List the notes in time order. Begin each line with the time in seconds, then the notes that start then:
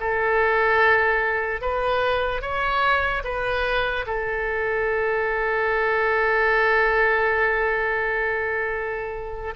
0.00 A4
1.61 B4
2.42 C#5
3.24 B4
4.07 A4